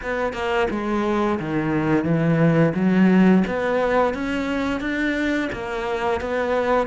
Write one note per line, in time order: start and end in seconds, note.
0.02 0.33 B3
0.33 0.67 A#3
0.70 1.39 G#3
1.39 2.04 D#3
2.04 2.73 E3
2.74 3.43 F#3
3.47 4.14 B3
4.14 4.80 C#4
4.80 5.49 D4
5.52 6.20 A#3
6.20 6.87 B3